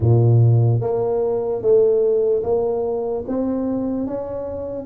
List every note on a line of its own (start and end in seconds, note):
0.00 0.80 A#2
0.80 1.61 A#3
1.61 2.43 A3
2.43 3.24 A#3
3.27 4.07 C4
4.07 4.85 C#4